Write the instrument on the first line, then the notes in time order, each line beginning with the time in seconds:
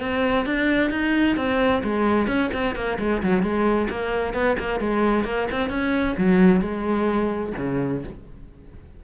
cello
0.00 C4
0.46 D4
0.91 D#4
1.37 C4
1.83 G#3
2.27 C#4
2.54 C4
2.75 A#3
2.99 G#3
3.22 F#3
3.43 G#3
3.90 A#3
4.34 B3
4.59 A#3
4.80 G#3
5.25 A#3
5.51 C4
5.70 C#4
6.17 F#3
6.61 G#3
7.58 C#3